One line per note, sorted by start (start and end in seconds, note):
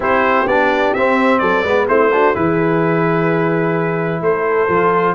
0.00 0.45 C4
0.00 0.46 E4
0.00 1.41 G4
0.00 0.47 C5
0.46 0.92 B3
0.46 0.96 D4
0.46 0.94 D5
0.94 1.40 C4
0.94 1.65 C4
0.94 1.39 E5
1.39 1.63 F#3
1.39 1.63 A4
1.39 1.85 D5
1.63 1.87 G#3
1.63 1.87 B3
1.63 1.87 B4
1.87 2.35 A3
1.87 2.10 C4
1.87 2.12 E4
1.87 2.35 C5
2.12 2.34 D4
2.12 2.35 F#4
2.34 4.21 E3
2.34 4.68 E4
2.34 4.22 G#4
2.34 4.22 B4
4.21 4.68 A3
4.21 5.15 A4
4.21 5.15 C5
4.68 5.15 F3
4.68 5.15 F4